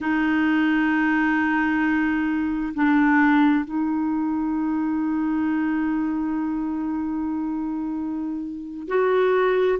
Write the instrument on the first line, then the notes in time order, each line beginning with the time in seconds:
clarinet
0.00 D#4
2.74 D4
3.64 D#4
8.87 F#4